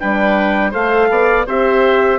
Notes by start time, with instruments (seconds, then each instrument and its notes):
0.00 bassoon G3, horn D4, oboe B4, trumpet G5
0.71 bassoon A3, horn A4, oboe C5, trumpet F5
1.10 bassoon B3, oboe D5
1.47 bassoon C4, horn G4, oboe C5, trumpet E5